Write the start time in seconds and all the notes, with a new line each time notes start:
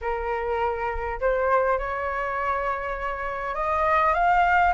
0.01 A#4
1.20 C5
1.78 C#5
3.54 D#5
4.14 F5